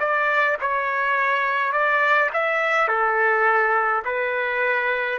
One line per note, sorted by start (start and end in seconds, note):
0.00 0.58 D5
0.61 1.73 C#5
1.73 2.31 D5
2.33 2.88 E5
2.88 4.04 A4
4.05 5.19 B4